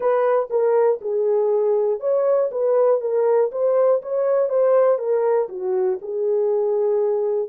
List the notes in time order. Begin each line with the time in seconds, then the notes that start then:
0.00 B4
0.50 A#4
1.00 G#4
2.00 C#5
2.51 B4
3.00 A#4
3.51 C5
4.01 C#5
4.49 C5
4.98 A#4
5.49 F#4
6.01 G#4